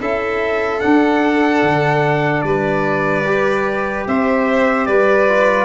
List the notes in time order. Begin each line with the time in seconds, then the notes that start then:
0.00 C#4 E4 A4 E5
0.80 D4 F#5
1.62 D3
2.41 G3 B4 D5
3.26 G4
4.07 C4 C5 E5
4.86 G3 B4 D5
5.28 F4